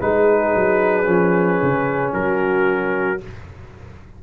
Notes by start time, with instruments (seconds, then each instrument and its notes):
0.00 tuba G#3, trombone D#4, horn G#4, trumpet B4
0.54 tuba F#3
1.03 tuba F3, trombone C#4
1.62 tuba C#3
2.13 tuba F#3, horn F#4, trumpet A#4